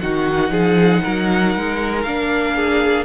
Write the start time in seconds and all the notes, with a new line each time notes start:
0.00 D#3 D#4 F#4 F#5
0.50 F3 G#4
1.03 F#3 A#4
1.55 G#3
2.02 A#3 D4 F5
2.55 G#4